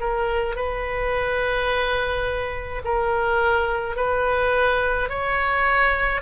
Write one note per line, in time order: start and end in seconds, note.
0.00 0.56 A#4
0.56 2.82 B4
2.85 3.96 A#4
3.96 5.09 B4
5.09 6.22 C#5